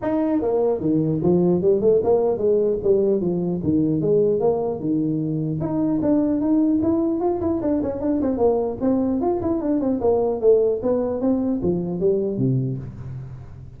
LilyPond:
\new Staff \with { instrumentName = "tuba" } { \time 4/4 \tempo 4 = 150 dis'4 ais4 dis4 f4 | g8 a8 ais4 gis4 g4 | f4 dis4 gis4 ais4 | dis2 dis'4 d'4 |
dis'4 e'4 f'8 e'8 d'8 cis'8 | d'8 c'8 ais4 c'4 f'8 e'8 | d'8 c'8 ais4 a4 b4 | c'4 f4 g4 c4 | }